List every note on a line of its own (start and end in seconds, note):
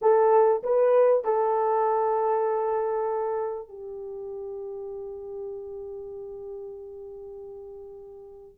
0.01 0.62 A4
0.63 1.24 B4
1.24 3.68 A4
3.68 8.58 G4